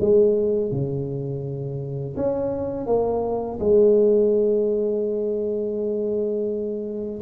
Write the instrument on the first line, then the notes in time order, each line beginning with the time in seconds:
tuba
0.00 G#3
0.71 C#3
2.16 C#4
2.87 A#3
3.59 G#3